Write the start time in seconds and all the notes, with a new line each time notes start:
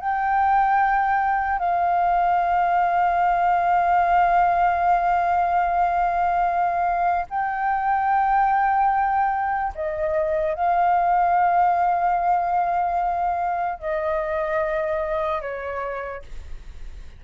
0.00 G5
1.59 F5
7.30 G5
9.76 D#5
10.55 F5
13.79 D#5
15.42 C#5